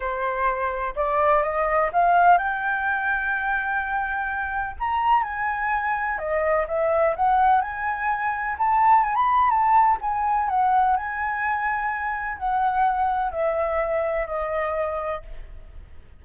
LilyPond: \new Staff \with { instrumentName = "flute" } { \time 4/4 \tempo 4 = 126 c''2 d''4 dis''4 | f''4 g''2.~ | g''2 ais''4 gis''4~ | gis''4 dis''4 e''4 fis''4 |
gis''2 a''4 gis''16 b''8. | a''4 gis''4 fis''4 gis''4~ | gis''2 fis''2 | e''2 dis''2 | }